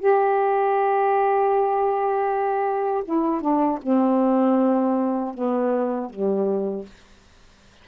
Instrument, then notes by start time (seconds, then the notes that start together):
saxophone
0.00 G4
3.05 E4
3.42 D4
3.83 C4
5.35 B3
6.10 G3